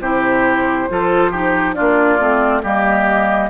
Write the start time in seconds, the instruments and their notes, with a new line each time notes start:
0.00 bassoon C3, clarinet E4, oboe G4, flute C5
0.89 bassoon F3, clarinet F4, oboe A4
1.31 clarinet D#4, oboe G4
1.75 bassoon A#3, clarinet D4, oboe F4, flute D5
2.19 bassoon A3, clarinet C4
2.63 bassoon G3, clarinet A#3, oboe G4, flute D#5